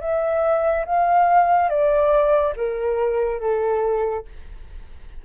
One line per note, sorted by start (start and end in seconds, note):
0.00 0.85 E5
0.85 1.69 F5
1.69 2.54 D5
2.56 3.40 A#4
3.40 4.24 A4